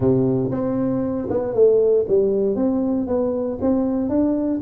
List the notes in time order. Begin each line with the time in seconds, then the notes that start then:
0.00 C3
0.51 C4
1.30 B3
1.54 A3
2.08 G3
2.55 C4
3.07 B3
3.61 C4
4.09 D4